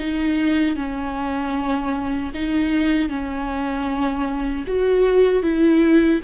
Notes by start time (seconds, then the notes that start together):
0.00 D#4
0.77 C#4
2.35 D#4
3.09 C#4
4.68 F#4
5.43 E4